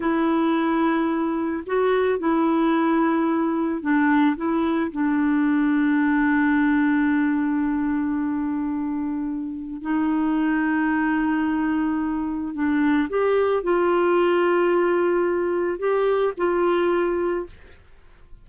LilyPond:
\new Staff \with { instrumentName = "clarinet" } { \time 4/4 \tempo 4 = 110 e'2. fis'4 | e'2. d'4 | e'4 d'2.~ | d'1~ |
d'2 dis'2~ | dis'2. d'4 | g'4 f'2.~ | f'4 g'4 f'2 | }